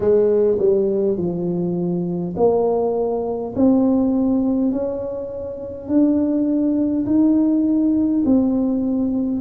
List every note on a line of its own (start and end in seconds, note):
0.00 0.58 G#3
0.59 1.17 G3
1.17 2.35 F3
2.36 3.53 A#3
3.56 4.71 C4
4.71 5.88 C#4
5.88 7.05 D4
7.06 8.24 D#4
8.25 9.41 C4